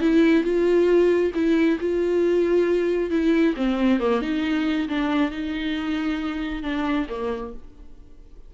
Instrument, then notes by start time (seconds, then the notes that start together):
viola
0.00 E4
0.43 F4
1.34 E4
1.80 F4
3.10 E4
3.56 C4
3.99 A#3
4.21 D#4
4.88 D4
5.30 D#4
6.62 D4
7.09 A#3